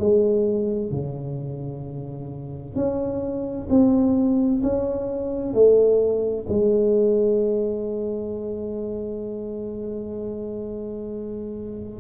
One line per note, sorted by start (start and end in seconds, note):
0.00 0.91 G#3
0.91 2.75 C#3
2.75 3.68 C#4
3.70 4.62 C4
4.63 5.54 C#4
5.54 6.46 A3
6.49 12.00 G#3